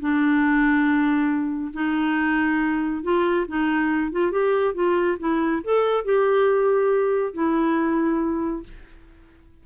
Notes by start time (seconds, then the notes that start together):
0.00 D4
1.74 D#4
3.03 F4
3.48 D#4
4.12 F4
4.32 G4
4.75 F4
5.19 E4
5.64 A4
6.05 G4
7.34 E4